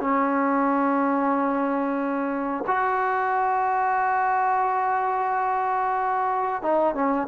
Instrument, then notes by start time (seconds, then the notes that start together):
trombone
0.00 C#4
2.66 F#4
6.62 D#4
6.94 C#4